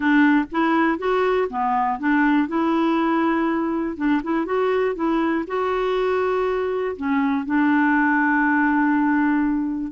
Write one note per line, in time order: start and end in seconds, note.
0.00 0.45 D4
0.51 0.98 E4
0.98 1.47 F#4
1.49 1.99 B3
1.99 2.47 D4
2.47 3.96 E4
3.96 4.21 D4
4.23 4.45 E4
4.45 4.95 F#4
4.95 5.44 E4
5.47 6.96 F#4
6.96 7.45 C#4
7.45 9.92 D4